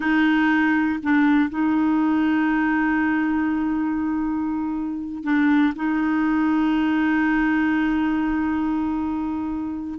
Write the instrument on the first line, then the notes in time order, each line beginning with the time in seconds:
clarinet
0.00 D#4
1.02 D4
1.49 D#4
5.23 D4
5.75 D#4